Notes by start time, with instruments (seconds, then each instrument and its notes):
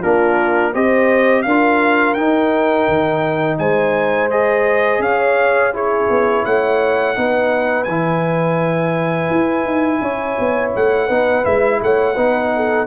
0.00 tuba A#3, trombone D4, horn F4, trumpet A#4
0.72 tuba C4, trombone G4, horn C5, trumpet D#5
1.42 tuba D4, horn A#4, trumpet F5
1.49 trombone F4
2.14 tuba D#4, trombone D#4, trumpet G5
2.88 tuba D#3
3.58 tuba G#3, horn C5, trumpet G#5
4.30 trombone G#4, trumpet D#5
4.99 tuba C#4, horn C#5, trumpet F5
5.73 trombone E4, horn G#4, trumpet C#5
6.09 tuba B3
6.45 tuba A3, horn C#5, trumpet F#5
7.15 tuba B3, trombone D#4, horn B4
7.84 tuba E3, trombone E4, trumpet G#5
9.30 tuba E4
9.64 tuba D#4
10.01 tuba C#4, horn C#5
10.39 tuba B3
10.75 tuba A3, trumpet F#5
11.07 tuba B3, trombone D#4, horn B4
11.43 tuba G#3, trombone E4, trumpet E5
11.82 tuba A3, horn C#5, trumpet F#5
12.15 tuba B3, trombone D#4, horn B4
12.55 horn A4